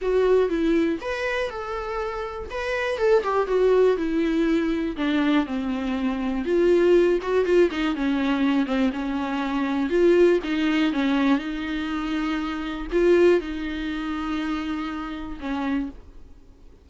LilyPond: \new Staff \with { instrumentName = "viola" } { \time 4/4 \tempo 4 = 121 fis'4 e'4 b'4 a'4~ | a'4 b'4 a'8 g'8 fis'4 | e'2 d'4 c'4~ | c'4 f'4. fis'8 f'8 dis'8 |
cis'4. c'8 cis'2 | f'4 dis'4 cis'4 dis'4~ | dis'2 f'4 dis'4~ | dis'2. cis'4 | }